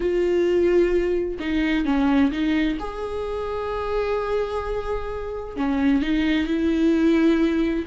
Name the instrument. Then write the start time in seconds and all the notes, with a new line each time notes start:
viola
0.00 F4
1.39 D#4
1.85 C#4
2.31 D#4
2.79 G#4
5.56 C#4
6.02 D#4
6.46 E4